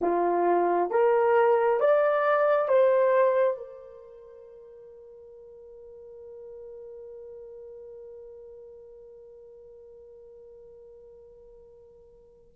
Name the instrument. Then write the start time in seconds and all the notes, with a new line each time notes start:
horn
0.01 F4
0.90 A#4
1.80 D5
2.68 C5
3.57 A#4